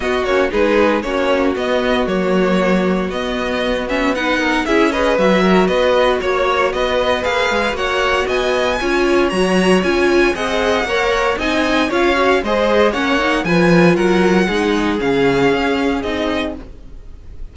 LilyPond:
<<
  \new Staff \with { instrumentName = "violin" } { \time 4/4 \tempo 4 = 116 dis''8 cis''8 b'4 cis''4 dis''4 | cis''2 dis''4. e''8 | fis''4 e''8 dis''8 e''4 dis''4 | cis''4 dis''4 f''4 fis''4 |
gis''2 ais''4 gis''4 | fis''2 gis''4 f''4 | dis''4 fis''4 gis''4 fis''4~ | fis''4 f''2 dis''4 | }
  \new Staff \with { instrumentName = "violin" } { \time 4/4 fis'4 gis'4 fis'2~ | fis'1 | b'8 ais'8 gis'8 b'4 ais'8 b'4 | cis''4 b'2 cis''4 |
dis''4 cis''2. | dis''4 cis''4 dis''4 cis''4 | c''4 cis''4 b'4 ais'4 | gis'1 | }
  \new Staff \with { instrumentName = "viola" } { \time 4/4 b8 cis'8 dis'4 cis'4 b4 | ais2 b4. cis'8 | dis'4 e'8 gis'8 fis'2~ | fis'2 gis'4 fis'4~ |
fis'4 f'4 fis'4 f'4 | gis'4 ais'4 dis'4 f'8 fis'8 | gis'4 cis'8 dis'8 f'2 | dis'4 cis'2 dis'4 | }
  \new Staff \with { instrumentName = "cello" } { \time 4/4 b8 ais8 gis4 ais4 b4 | fis2 b2~ | b4 cis'4 fis4 b4 | ais4 b4 ais8 gis8 ais4 |
b4 cis'4 fis4 cis'4 | c'4 ais4 c'4 cis'4 | gis4 ais4 f4 fis4 | gis4 cis4 cis'4 c'4 | }
>>